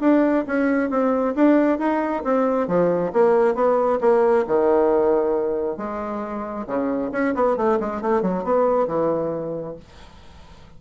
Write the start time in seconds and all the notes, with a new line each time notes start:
0.00 D4
0.46 C#4
0.90 C4
1.35 D4
1.79 D#4
2.24 C4
2.67 F3
3.13 A#3
3.55 B3
4.00 A#3
4.47 D#3
5.77 G#3
6.67 C#3
7.12 C#4
7.35 B3
7.57 A3
7.80 G#3
8.01 A3
8.22 F#3
8.44 B3
8.87 E3